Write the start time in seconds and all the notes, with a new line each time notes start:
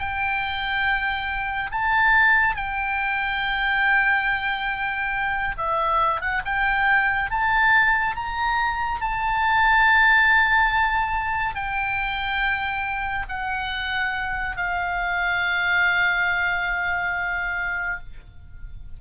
0.00 G5
1.72 A5
2.56 G5
5.58 E5
6.21 F#5
6.46 G5
7.31 A5
8.16 A#5
9.02 A5
11.56 G5
13.29 F#5
14.57 F5